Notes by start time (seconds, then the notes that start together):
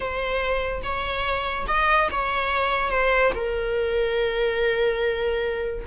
0.00 C5
0.83 C#5
1.67 D#5
2.11 C#5
2.90 C5
3.34 A#4